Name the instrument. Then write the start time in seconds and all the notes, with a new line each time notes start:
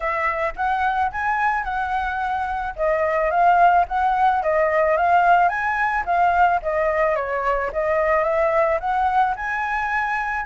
flute
0.00 E5
0.56 F#5
1.11 G#5
1.64 F#5
2.75 D#5
3.30 F5
3.88 F#5
4.42 D#5
4.96 F5
5.48 G#5
6.05 F5
6.62 D#5
7.15 C#5
7.72 D#5
8.23 E5
8.79 F#5
9.36 G#5